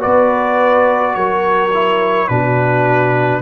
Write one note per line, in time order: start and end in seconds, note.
0.00 1.16 B3
0.00 1.70 F#4
0.00 1.15 B4
0.00 1.15 D5
1.15 2.29 F#3
1.15 2.29 A#4
1.15 2.28 C#5
1.73 2.29 E4
2.28 3.41 B2
2.28 3.41 D4
2.28 3.41 F#4
2.28 3.41 B4